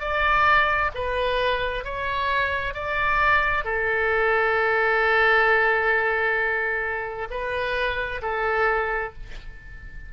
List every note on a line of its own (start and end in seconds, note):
0.00 0.91 D5
0.95 1.84 B4
1.84 2.74 C#5
2.74 3.64 D5
3.64 7.28 A4
7.31 8.21 B4
8.22 9.13 A4